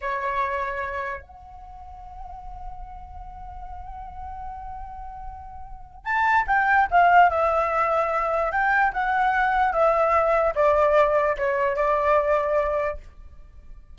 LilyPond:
\new Staff \with { instrumentName = "flute" } { \time 4/4 \tempo 4 = 148 cis''2. fis''4~ | fis''1~ | fis''1~ | fis''2. a''4 |
g''4 f''4 e''2~ | e''4 g''4 fis''2 | e''2 d''2 | cis''4 d''2. | }